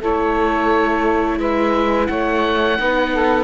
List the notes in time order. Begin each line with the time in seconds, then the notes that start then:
0.00 A3 E4 A4 C#5
1.40 G#3 B4 E5
2.07 A3 C#5 F#5
2.79 B3 D#4 B4
3.12 A4